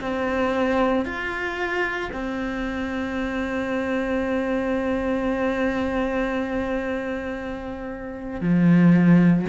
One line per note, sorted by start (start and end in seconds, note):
0.00 1.05 C4
1.05 2.11 F4
2.13 8.40 C4
8.40 9.45 F3